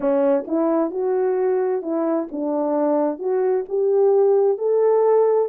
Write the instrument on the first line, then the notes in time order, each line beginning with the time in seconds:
horn
0.00 C#4
0.47 E4
0.90 F#4
1.82 E4
2.31 D4
3.18 F#4
3.68 G4
4.58 A4